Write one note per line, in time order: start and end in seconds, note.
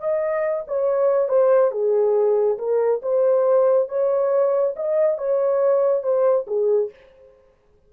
0.00 0.65 D#5
0.67 1.29 C#5
1.29 1.71 C5
1.71 2.58 G#4
2.58 3.01 A#4
3.02 3.88 C5
3.88 4.75 C#5
4.76 5.18 D#5
5.18 6.03 C#5
6.03 6.46 C5
6.47 6.90 G#4